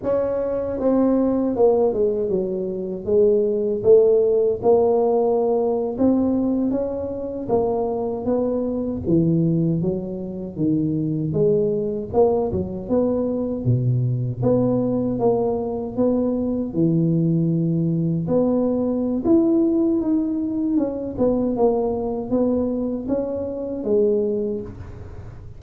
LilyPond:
\new Staff \with { instrumentName = "tuba" } { \time 4/4 \tempo 4 = 78 cis'4 c'4 ais8 gis8 fis4 | gis4 a4 ais4.~ ais16 c'16~ | c'8. cis'4 ais4 b4 e16~ | e8. fis4 dis4 gis4 ais16~ |
ais16 fis8 b4 b,4 b4 ais16~ | ais8. b4 e2 b16~ | b4 e'4 dis'4 cis'8 b8 | ais4 b4 cis'4 gis4 | }